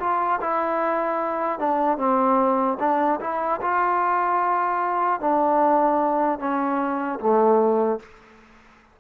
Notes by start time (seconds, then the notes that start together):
0.00 F4
0.41 E4
1.60 D4
1.98 C4
2.80 D4
3.21 E4
3.62 F4
5.21 D4
6.40 C#4
7.20 A3